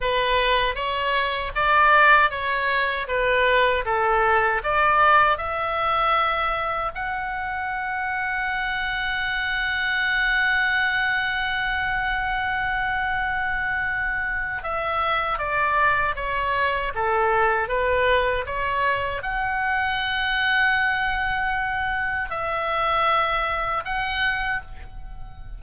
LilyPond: \new Staff \with { instrumentName = "oboe" } { \time 4/4 \tempo 4 = 78 b'4 cis''4 d''4 cis''4 | b'4 a'4 d''4 e''4~ | e''4 fis''2.~ | fis''1~ |
fis''2. e''4 | d''4 cis''4 a'4 b'4 | cis''4 fis''2.~ | fis''4 e''2 fis''4 | }